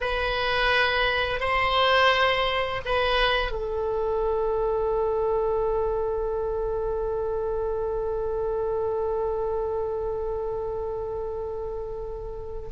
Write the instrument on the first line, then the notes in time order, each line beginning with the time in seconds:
oboe
0.01 B4
1.40 C5
2.85 B4
3.51 A4